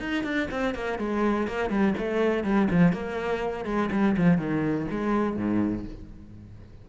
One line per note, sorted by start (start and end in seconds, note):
0.00 0.24 D#4
0.24 0.48 D4
0.51 0.75 C4
0.75 0.99 A#3
0.99 1.47 G#3
1.47 1.70 A#3
1.70 1.94 G3
1.98 2.44 A3
2.44 2.69 G3
2.71 2.93 F3
2.93 3.65 A#3
3.65 3.89 G#3
3.92 4.16 G3
4.17 4.38 F3
4.38 4.86 D#3
4.90 5.37 G#3
5.37 5.86 G#2